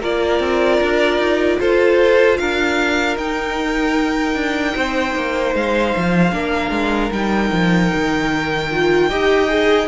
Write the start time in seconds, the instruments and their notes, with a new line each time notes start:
0.00 cello A#3, viola F4, violin A#4 D5
0.40 cello C4
0.81 cello D4
1.18 cello D#4
1.60 cello F4, violin A4 C5
2.37 cello D4, violin A#4 F5
3.16 cello D#4, viola D#4, violin G5
4.34 cello D4
4.76 cello C4, violin C5
5.15 cello A#3
5.54 cello G#3, violin F5
5.97 cello F3
6.31 cello A#3, viola D4, violin A#4
6.70 cello G#3
7.11 cello G3, viola D#4, violin G5
7.52 cello F3
7.94 cello D#3
8.71 viola F4
9.09 cello D#4, viola G4, violin D#5
9.49 viola G#4